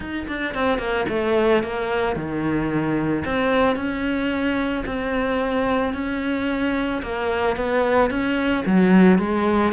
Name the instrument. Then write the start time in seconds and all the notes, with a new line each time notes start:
cello
0.00 D#4
0.27 D4
0.54 C4
0.78 A#3
1.09 A3
1.63 A#3
2.15 D#3
3.25 C4
3.76 C#4
4.85 C4
5.93 C#4
7.02 A#3
7.56 B3
8.10 C#4
8.66 F#3
9.18 G#3